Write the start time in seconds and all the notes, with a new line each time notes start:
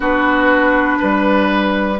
0.00 B3 D4 F#4 B4
0.98 G3 B4